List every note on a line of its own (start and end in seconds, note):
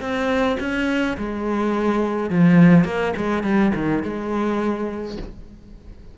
0.00 0.57 C4
0.60 1.17 C#4
1.17 2.30 G#3
2.30 2.85 F3
2.85 3.13 A#3
3.17 3.43 G#3
3.43 3.72 G3
3.75 4.03 D#3
4.03 5.17 G#3